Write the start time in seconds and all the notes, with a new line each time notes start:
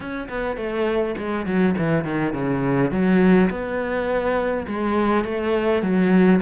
0.00 C#4
0.28 B3
0.56 A3
1.17 G#3
1.46 F#3
1.78 E3
2.04 D#3
2.33 C#3
2.91 F#3
3.50 B3
4.67 G#3
5.24 A3
5.82 F#3